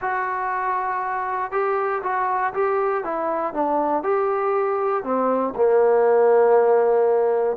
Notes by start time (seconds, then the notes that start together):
0.01 F#4
1.51 G4
2.02 F#4
2.53 G4
3.04 E4
3.53 D4
4.03 G4
5.03 C4
5.55 A#3